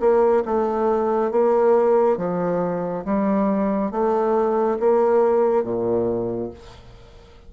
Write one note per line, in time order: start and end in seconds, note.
0.00 0.43 A#3
0.45 1.31 A3
1.31 2.17 A#3
2.17 3.04 F3
3.05 3.91 G3
3.91 4.78 A3
4.79 5.64 A#3
5.64 6.51 A#2